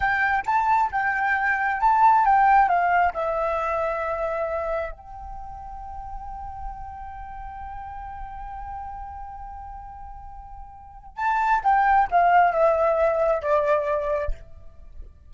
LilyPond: \new Staff \with { instrumentName = "flute" } { \time 4/4 \tempo 4 = 134 g''4 a''4 g''2 | a''4 g''4 f''4 e''4~ | e''2. g''4~ | g''1~ |
g''1~ | g''1~ | g''4 a''4 g''4 f''4 | e''2 d''2 | }